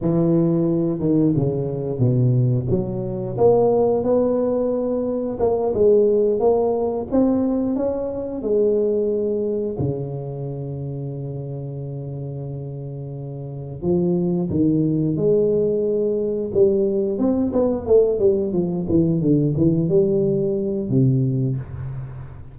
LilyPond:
\new Staff \with { instrumentName = "tuba" } { \time 4/4 \tempo 4 = 89 e4. dis8 cis4 b,4 | fis4 ais4 b2 | ais8 gis4 ais4 c'4 cis'8~ | cis'8 gis2 cis4.~ |
cis1~ | cis8 f4 dis4 gis4.~ | gis8 g4 c'8 b8 a8 g8 f8 | e8 d8 e8 g4. c4 | }